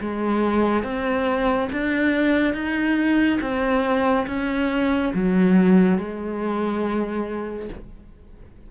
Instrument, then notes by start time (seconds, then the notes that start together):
cello
0.00 G#3
0.83 C4
1.72 D4
2.53 D#4
3.41 C4
4.27 C#4
5.14 F#3
5.97 G#3